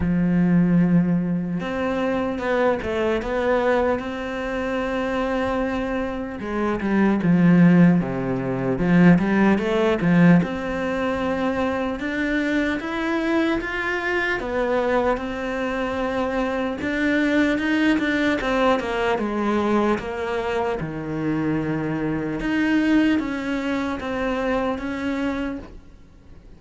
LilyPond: \new Staff \with { instrumentName = "cello" } { \time 4/4 \tempo 4 = 75 f2 c'4 b8 a8 | b4 c'2. | gis8 g8 f4 c4 f8 g8 | a8 f8 c'2 d'4 |
e'4 f'4 b4 c'4~ | c'4 d'4 dis'8 d'8 c'8 ais8 | gis4 ais4 dis2 | dis'4 cis'4 c'4 cis'4 | }